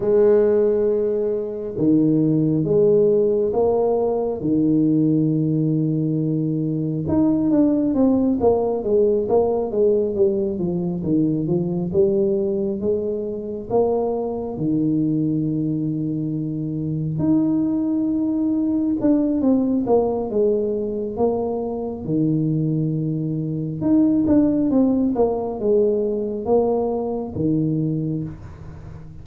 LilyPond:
\new Staff \with { instrumentName = "tuba" } { \time 4/4 \tempo 4 = 68 gis2 dis4 gis4 | ais4 dis2. | dis'8 d'8 c'8 ais8 gis8 ais8 gis8 g8 | f8 dis8 f8 g4 gis4 ais8~ |
ais8 dis2. dis'8~ | dis'4. d'8 c'8 ais8 gis4 | ais4 dis2 dis'8 d'8 | c'8 ais8 gis4 ais4 dis4 | }